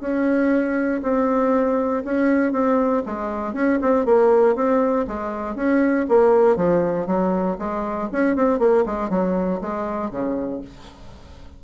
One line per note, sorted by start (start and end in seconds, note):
0.00 1.01 C#4
1.03 2.04 C4
2.05 2.52 C#4
2.52 3.03 C4
3.06 3.54 G#3
3.54 3.79 C#4
3.82 4.06 C4
4.06 4.56 A#3
4.56 5.06 C4
5.08 5.56 G#3
5.56 6.06 C#4
6.09 6.56 A#3
6.56 7.07 F3
7.07 7.57 F#3
7.59 8.09 G#3
8.12 8.36 C#4
8.36 8.59 C4
8.59 8.84 A#3
8.86 9.10 G#3
9.10 9.60 F#3
9.61 10.11 G#3
10.11 10.61 C#3